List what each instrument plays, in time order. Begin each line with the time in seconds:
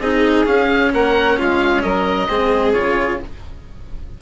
0.00 bassoon C4, cello D#4, violin G#4, oboe D#5
0.46 cello C#4, bassoon C#4, oboe F5
0.93 bassoon A#3, violin A#4, oboe F#5
1.39 bassoon G#3, violin F4, oboe F5
1.83 bassoon F#3, violin A#4, oboe D#5
2.29 bassoon G#3, cello C4, violin G#4
2.73 bassoon C#3, cello F4, oboe C#5